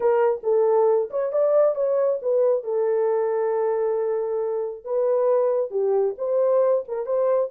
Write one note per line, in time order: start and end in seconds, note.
0.00 0.41 A#4
0.43 1.09 A4
1.10 1.32 C#5
1.32 1.75 D5
1.75 2.19 C#5
2.22 2.63 B4
2.63 4.84 A4
4.84 5.71 B4
5.71 6.15 G4
6.18 6.84 C5
6.88 7.06 A#4
7.06 7.50 C5